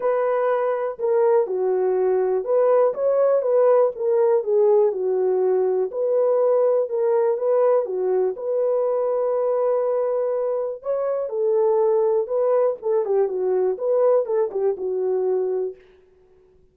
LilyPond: \new Staff \with { instrumentName = "horn" } { \time 4/4 \tempo 4 = 122 b'2 ais'4 fis'4~ | fis'4 b'4 cis''4 b'4 | ais'4 gis'4 fis'2 | b'2 ais'4 b'4 |
fis'4 b'2.~ | b'2 cis''4 a'4~ | a'4 b'4 a'8 g'8 fis'4 | b'4 a'8 g'8 fis'2 | }